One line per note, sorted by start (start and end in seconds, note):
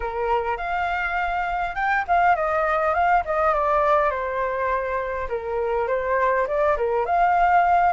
0.00 0.57 A#4
0.57 1.75 F5
1.75 2.04 G5
2.07 2.35 F5
2.35 2.94 D#5
2.94 3.23 F5
3.25 3.54 D#5
3.54 4.10 D5
4.10 5.28 C5
5.28 5.87 A#4
5.87 6.46 C5
6.47 6.76 D5
6.77 7.05 A#4
7.05 7.93 F5